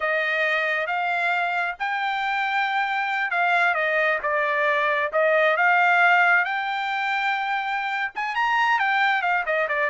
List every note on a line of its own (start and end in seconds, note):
0.00 0.86 D#5
0.86 1.75 F5
1.79 3.30 G5
3.30 3.74 F5
3.74 4.18 D#5
4.22 5.11 D5
5.12 5.56 D#5
5.56 6.44 F5
6.44 8.11 G5
8.15 8.35 G#5
8.35 8.79 A#5
8.79 9.22 G5
9.22 9.44 F5
9.45 9.68 D#5
9.68 9.90 D5